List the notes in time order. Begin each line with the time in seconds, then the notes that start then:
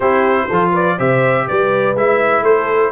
0.00 C4 E4 G4 C5
0.48 F3 F4 A4
0.72 B4 D5
0.97 C3 G4 C5 E5
1.47 G3 B4 D5
1.94 G#3 E4 E5
2.42 A3 A4 C5